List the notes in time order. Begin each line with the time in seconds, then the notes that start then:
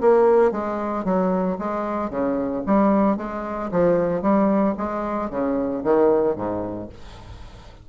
0.00 A#3
0.51 G#3
1.04 F#3
1.58 G#3
2.10 C#3
2.66 G3
3.17 G#3
3.71 F3
4.21 G3
4.77 G#3
5.30 C#3
5.83 D#3
6.35 G#2